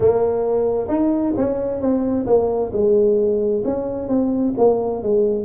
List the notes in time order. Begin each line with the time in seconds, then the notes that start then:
0.00 A#3
0.88 D#4
1.36 C#4
1.80 C4
2.26 A#3
2.72 G#3
3.64 C#4
4.08 C4
4.57 A#3
5.02 G#3